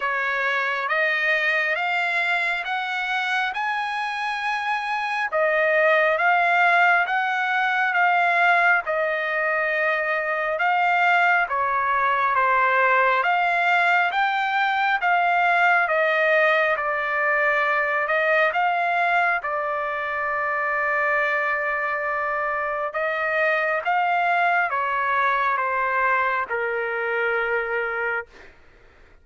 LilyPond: \new Staff \with { instrumentName = "trumpet" } { \time 4/4 \tempo 4 = 68 cis''4 dis''4 f''4 fis''4 | gis''2 dis''4 f''4 | fis''4 f''4 dis''2 | f''4 cis''4 c''4 f''4 |
g''4 f''4 dis''4 d''4~ | d''8 dis''8 f''4 d''2~ | d''2 dis''4 f''4 | cis''4 c''4 ais'2 | }